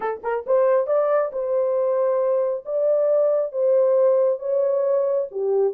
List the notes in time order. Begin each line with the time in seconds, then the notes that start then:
0.00 A4
0.23 A#4
0.46 C5
0.86 D5
1.32 C5
2.65 D5
3.52 C5
4.39 C#5
5.31 G4